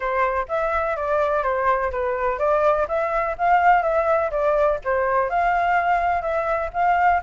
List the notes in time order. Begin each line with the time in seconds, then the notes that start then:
0.00 C5
0.48 E5
0.96 D5
1.43 C5
1.91 B4
2.38 D5
2.88 E5
3.38 F5
3.82 E5
4.30 D5
4.84 C5
5.29 F5
6.21 E5
6.73 F5